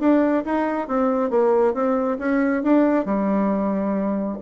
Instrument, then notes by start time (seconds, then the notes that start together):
bassoon
0.00 D4
0.45 D#4
0.88 C4
1.31 A#3
1.74 C4
2.19 C#4
2.63 D4
3.06 G3